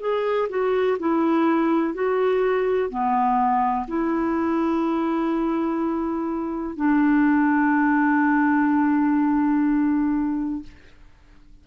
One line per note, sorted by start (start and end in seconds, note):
0.00 0.48 G#4
0.49 0.98 F#4
0.99 1.94 E4
1.94 2.90 F#4
2.90 3.87 B3
3.88 6.76 E4
6.76 10.63 D4